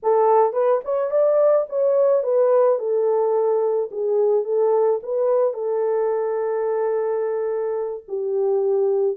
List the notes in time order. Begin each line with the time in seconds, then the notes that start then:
0.03 A4
0.53 B4
0.84 C#5
1.10 D5
1.69 C#5
2.23 B4
2.78 A4
3.91 G#4
4.44 A4
5.03 B4
5.53 A4
8.08 G4